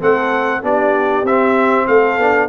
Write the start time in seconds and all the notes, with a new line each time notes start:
0.00 A3 C4 A4 F#5
0.62 B3 D4 G4 D5
1.23 C4 E5
1.87 A3 A4 F5
2.17 B3 D4